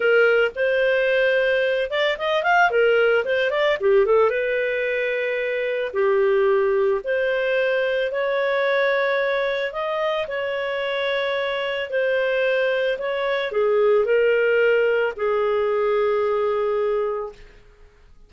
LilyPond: \new Staff \with { instrumentName = "clarinet" } { \time 4/4 \tempo 4 = 111 ais'4 c''2~ c''8 d''8 | dis''8 f''8 ais'4 c''8 d''8 g'8 a'8 | b'2. g'4~ | g'4 c''2 cis''4~ |
cis''2 dis''4 cis''4~ | cis''2 c''2 | cis''4 gis'4 ais'2 | gis'1 | }